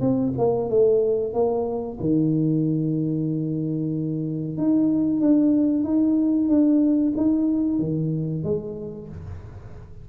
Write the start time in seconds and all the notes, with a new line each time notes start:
0.00 C4
0.38 A#3
0.70 A3
1.33 A#3
2.00 D#3
4.57 D#4
5.21 D4
5.84 D#4
6.48 D4
7.16 D#4
7.79 D#3
8.43 G#3